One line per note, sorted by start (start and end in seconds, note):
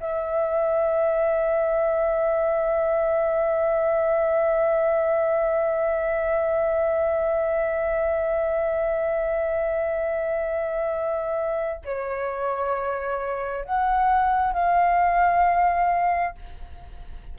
0.00 11.82 E5
11.85 13.64 C#5
13.64 14.53 F#5
14.53 16.35 F5